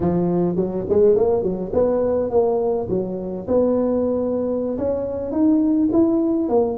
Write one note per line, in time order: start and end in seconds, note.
0.00 0.56 F3
0.56 0.85 F#3
0.89 1.15 G#3
1.15 1.43 A#3
1.43 1.72 F#3
1.73 2.30 B3
2.30 2.87 A#3
2.89 3.46 F#3
3.47 4.77 B3
4.78 5.31 C#4
5.31 5.89 D#4
5.92 6.49 E4
6.49 6.77 A#3